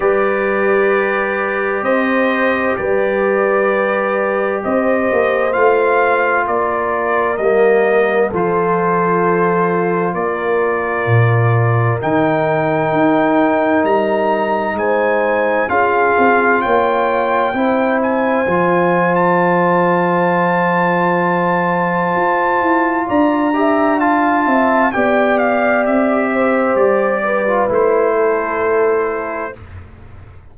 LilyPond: <<
  \new Staff \with { instrumentName = "trumpet" } { \time 4/4 \tempo 4 = 65 d''2 dis''4 d''4~ | d''4 dis''4 f''4 d''4 | dis''4 c''2 d''4~ | d''4 g''2 ais''4 |
gis''4 f''4 g''4. gis''8~ | gis''8. a''2.~ a''16~ | a''4 ais''4 a''4 g''8 f''8 | e''4 d''4 c''2 | }
  \new Staff \with { instrumentName = "horn" } { \time 4/4 b'2 c''4 b'4~ | b'4 c''2 ais'4~ | ais'4 a'2 ais'4~ | ais'1 |
c''4 gis'4 cis''4 c''4~ | c''1~ | c''4 d''8 e''8 f''8 e''8 d''4~ | d''8 c''4 b'4 a'4. | }
  \new Staff \with { instrumentName = "trombone" } { \time 4/4 g'1~ | g'2 f'2 | ais4 f'2.~ | f'4 dis'2.~ |
dis'4 f'2 e'4 | f'1~ | f'4. g'8 f'4 g'4~ | g'4.~ g'16 f'16 e'2 | }
  \new Staff \with { instrumentName = "tuba" } { \time 4/4 g2 c'4 g4~ | g4 c'8 ais8 a4 ais4 | g4 f2 ais4 | ais,4 dis4 dis'4 g4 |
gis4 cis'8 c'8 ais4 c'4 | f1 | f'8 e'8 d'4. c'8 b4 | c'4 g4 a2 | }
>>